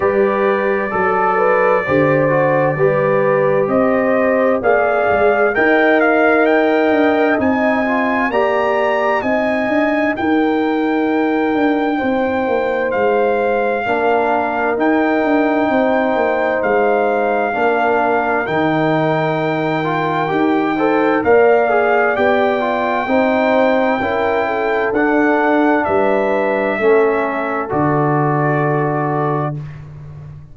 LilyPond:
<<
  \new Staff \with { instrumentName = "trumpet" } { \time 4/4 \tempo 4 = 65 d''1 | dis''4 f''4 g''8 f''8 g''4 | gis''4 ais''4 gis''4 g''4~ | g''2 f''2 |
g''2 f''2 | g''2. f''4 | g''2. fis''4 | e''2 d''2 | }
  \new Staff \with { instrumentName = "horn" } { \time 4/4 b'4 a'8 b'8 c''4 b'4 | c''4 d''4 dis''2~ | dis''4 d''4 dis''4 ais'4~ | ais'4 c''2 ais'4~ |
ais'4 c''2 ais'4~ | ais'2~ ais'8 c''8 d''4~ | d''4 c''4 ais'8 a'4. | b'4 a'2. | }
  \new Staff \with { instrumentName = "trombone" } { \time 4/4 g'4 a'4 g'8 fis'8 g'4~ | g'4 gis'4 ais'2 | dis'8 f'8 g'4 dis'2~ | dis'2. d'4 |
dis'2. d'4 | dis'4. f'8 g'8 a'8 ais'8 gis'8 | g'8 f'8 dis'4 e'4 d'4~ | d'4 cis'4 fis'2 | }
  \new Staff \with { instrumentName = "tuba" } { \time 4/4 g4 fis4 d4 g4 | c'4 ais8 gis8 dis'4. d'8 | c'4 ais4 c'8 d'8 dis'4~ | dis'8 d'8 c'8 ais8 gis4 ais4 |
dis'8 d'8 c'8 ais8 gis4 ais4 | dis2 dis'4 ais4 | b4 c'4 cis'4 d'4 | g4 a4 d2 | }
>>